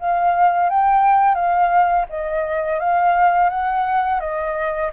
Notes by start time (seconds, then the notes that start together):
0.00 F5
0.70 G5
1.35 F5
2.10 D#5
2.80 F5
3.50 F#5
4.20 D#5